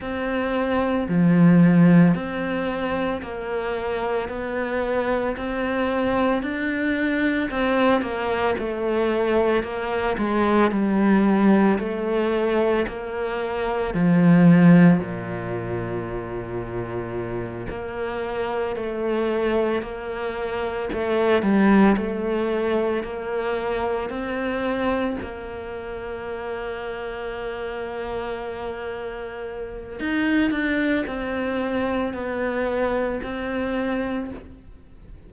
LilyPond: \new Staff \with { instrumentName = "cello" } { \time 4/4 \tempo 4 = 56 c'4 f4 c'4 ais4 | b4 c'4 d'4 c'8 ais8 | a4 ais8 gis8 g4 a4 | ais4 f4 ais,2~ |
ais,8 ais4 a4 ais4 a8 | g8 a4 ais4 c'4 ais8~ | ais1 | dis'8 d'8 c'4 b4 c'4 | }